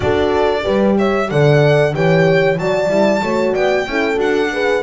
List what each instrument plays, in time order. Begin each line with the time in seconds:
0.00 double bass D4, horn F#4 A4, violin D5
0.62 double bass G3, horn G4 B4
0.97 horn C#5, violin E5
1.29 double bass D3, horn A4 D5, violin F#5
1.93 double bass E3, horn G4 C#5, violin G5
2.58 double bass F#3, horn F#4 D5, violin A5
2.89 double bass G3, horn E4
3.22 double bass A3, horn F#4 C#5
3.53 double bass B3, horn D5, violin G5
3.86 double bass C#4, horn E4 A4
4.15 double bass D4, horn F#4, violin F#5
4.52 horn G#4 B4